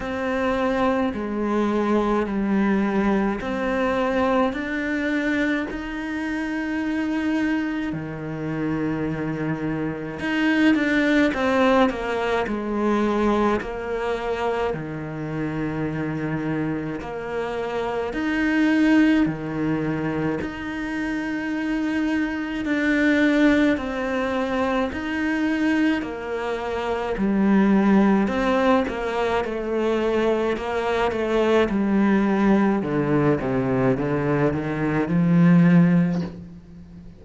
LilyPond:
\new Staff \with { instrumentName = "cello" } { \time 4/4 \tempo 4 = 53 c'4 gis4 g4 c'4 | d'4 dis'2 dis4~ | dis4 dis'8 d'8 c'8 ais8 gis4 | ais4 dis2 ais4 |
dis'4 dis4 dis'2 | d'4 c'4 dis'4 ais4 | g4 c'8 ais8 a4 ais8 a8 | g4 d8 c8 d8 dis8 f4 | }